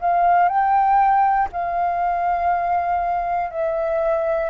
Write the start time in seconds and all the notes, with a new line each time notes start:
0.00 F5
0.48 G5
1.52 F5
3.50 E5